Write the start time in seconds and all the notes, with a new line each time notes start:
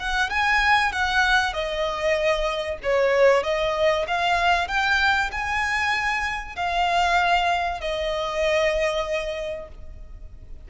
0.00 F#5
0.30 G#5
0.93 F#5
1.54 D#5
2.84 C#5
3.44 D#5
4.08 F5
4.68 G5
5.32 G#5
6.56 F5
7.81 D#5